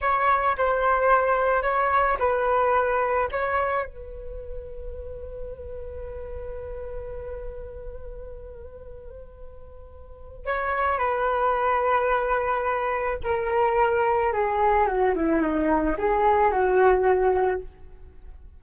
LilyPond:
\new Staff \with { instrumentName = "flute" } { \time 4/4 \tempo 4 = 109 cis''4 c''2 cis''4 | b'2 cis''4 b'4~ | b'1~ | b'1~ |
b'2. cis''4 | b'1 | ais'2 gis'4 fis'8 e'8 | dis'4 gis'4 fis'2 | }